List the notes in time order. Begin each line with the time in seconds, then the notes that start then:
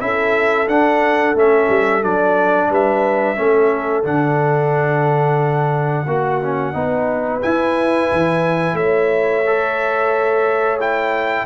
0.00 C#4 E4 A4 E5
0.68 D4 F#5
1.35 A3 C#4 E5
1.69 G3
2.02 F#3 D4 D5
2.70 G3 B4 E5
3.36 A3 C#4 A4
4.04 D3 D4 F#5
6.06 A#3 F#4
6.42 C#4
6.73 B3 D#4 B4
7.42 E4 G#5
8.12 E3
8.73 A3 C#5 E5
9.46 A4
10.80 E4 G5